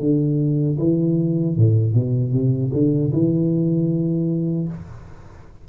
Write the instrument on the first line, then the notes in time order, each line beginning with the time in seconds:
tuba
0.00 D3
0.79 E3
1.57 A2
1.94 B2
2.33 C3
2.73 D3
3.13 E3